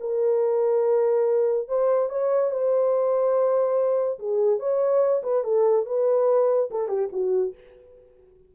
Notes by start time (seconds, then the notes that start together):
0.00 A#4
1.68 C5
2.09 C#5
2.51 C5
4.19 G#4
4.59 C#5
5.23 B4
5.44 A4
5.86 B4
6.70 A4
6.88 G4
7.12 F#4